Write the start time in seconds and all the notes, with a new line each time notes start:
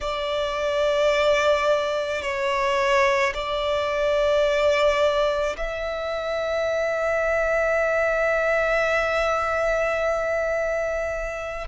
0.01 D5
2.22 C#5
3.34 D5
5.56 E5